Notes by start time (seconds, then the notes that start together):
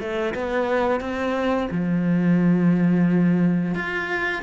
0.00 A3
0.35 B3
1.00 C4
1.71 F3
3.75 F4